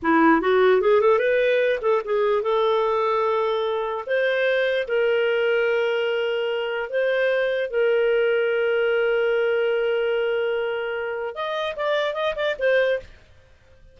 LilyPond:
\new Staff \with { instrumentName = "clarinet" } { \time 4/4 \tempo 4 = 148 e'4 fis'4 gis'8 a'8 b'4~ | b'8 a'8 gis'4 a'2~ | a'2 c''2 | ais'1~ |
ais'4 c''2 ais'4~ | ais'1~ | ais'1 | dis''4 d''4 dis''8 d''8 c''4 | }